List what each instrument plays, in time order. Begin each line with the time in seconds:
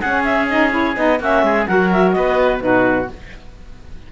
0.00 saxophone C#4, cello C#4, oboe G#4, clarinet F#5
0.24 clarinet E5
0.48 saxophone D#4, clarinet D#5
0.70 saxophone E4, clarinet C#5
0.96 cello B3, saxophone D#4, clarinet D#5
1.19 cello A#3, saxophone C#4, oboe F#4, clarinet E5
1.43 cello G#3, oboe G#4
1.66 cello F#3, saxophone F#4, oboe A#4, clarinet F#5
1.92 clarinet E5
2.11 cello B3, oboe B4, clarinet D#5
2.60 cello B2, saxophone D#4, oboe F#4, clarinet B4